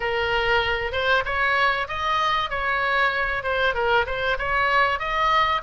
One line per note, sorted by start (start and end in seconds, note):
0.00 0.92 A#4
0.92 1.23 C5
1.25 1.88 C#5
1.88 2.49 D#5
2.49 3.43 C#5
3.43 3.74 C5
3.74 4.05 A#4
4.06 4.37 C5
4.38 4.99 C#5
4.99 5.61 D#5